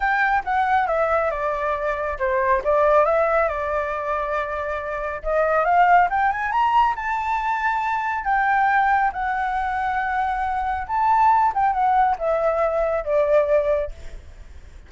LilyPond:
\new Staff \with { instrumentName = "flute" } { \time 4/4 \tempo 4 = 138 g''4 fis''4 e''4 d''4~ | d''4 c''4 d''4 e''4 | d''1 | dis''4 f''4 g''8 gis''8 ais''4 |
a''2. g''4~ | g''4 fis''2.~ | fis''4 a''4. g''8 fis''4 | e''2 d''2 | }